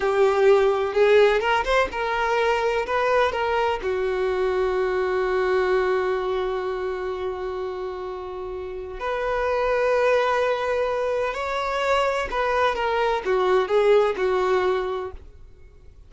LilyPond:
\new Staff \with { instrumentName = "violin" } { \time 4/4 \tempo 4 = 127 g'2 gis'4 ais'8 c''8 | ais'2 b'4 ais'4 | fis'1~ | fis'1~ |
fis'2. b'4~ | b'1 | cis''2 b'4 ais'4 | fis'4 gis'4 fis'2 | }